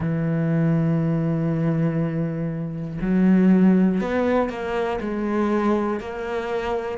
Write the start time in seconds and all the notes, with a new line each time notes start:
0.00 E3
3.00 F#3
4.00 B3
4.50 A#3
5.00 G#3
6.00 A#3